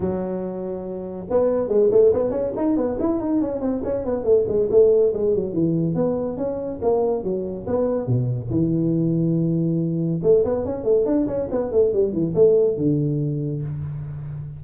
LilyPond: \new Staff \with { instrumentName = "tuba" } { \time 4/4 \tempo 4 = 141 fis2. b4 | gis8 a8 b8 cis'8 dis'8 b8 e'8 dis'8 | cis'8 c'8 cis'8 b8 a8 gis8 a4 | gis8 fis8 e4 b4 cis'4 |
ais4 fis4 b4 b,4 | e1 | a8 b8 cis'8 a8 d'8 cis'8 b8 a8 | g8 e8 a4 d2 | }